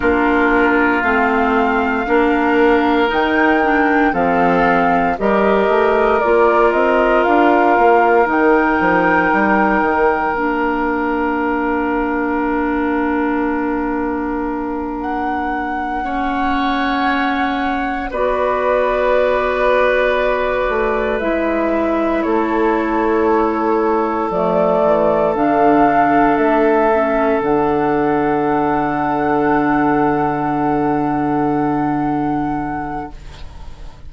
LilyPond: <<
  \new Staff \with { instrumentName = "flute" } { \time 4/4 \tempo 4 = 58 ais'4 f''2 g''4 | f''4 dis''4 d''8 dis''8 f''4 | g''2 f''2~ | f''2~ f''8 fis''4.~ |
fis''4. d''2~ d''8~ | d''8 e''4 cis''2 d''8~ | d''8 f''4 e''4 fis''4.~ | fis''1 | }
  \new Staff \with { instrumentName = "oboe" } { \time 4/4 f'2 ais'2 | a'4 ais'2.~ | ais'1~ | ais'2.~ ais'8 cis''8~ |
cis''4. b'2~ b'8~ | b'4. a'2~ a'8~ | a'1~ | a'1 | }
  \new Staff \with { instrumentName = "clarinet" } { \time 4/4 d'4 c'4 d'4 dis'8 d'8 | c'4 g'4 f'2 | dis'2 d'2~ | d'2.~ d'8 cis'8~ |
cis'4. fis'2~ fis'8~ | fis'8 e'2. a8~ | a8 d'4. cis'8 d'4.~ | d'1 | }
  \new Staff \with { instrumentName = "bassoon" } { \time 4/4 ais4 a4 ais4 dis4 | f4 g8 a8 ais8 c'8 d'8 ais8 | dis8 f8 g8 dis8 ais2~ | ais1~ |
ais4. b2~ b8 | a8 gis4 a2 f8 | e8 d4 a4 d4.~ | d1 | }
>>